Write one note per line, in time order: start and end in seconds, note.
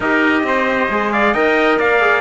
0.00 0.43 D#4
0.00 0.90 G4
0.00 0.43 A#4
0.00 1.12 D#5
0.43 0.88 C4
0.43 1.12 C5
0.90 1.34 G#3
0.90 1.35 G#4
1.12 1.33 D5
1.12 1.34 F5
1.33 1.79 D#4
1.33 2.01 A#4
1.33 1.78 D#5
1.33 1.78 G5
1.78 2.21 A#3
1.78 2.21 D5
1.78 2.21 F5
2.01 2.21 G#4